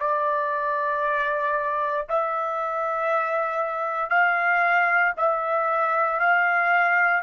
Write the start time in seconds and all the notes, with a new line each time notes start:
0.00 D5
2.09 E5
4.10 F5
5.17 E5
6.20 F5